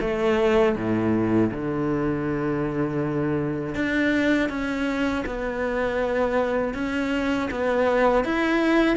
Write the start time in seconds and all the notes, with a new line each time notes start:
0.00 A3
0.75 A2
1.51 D3
3.74 D4
4.49 C#4
5.25 B3
6.74 C#4
7.50 B3
8.24 E4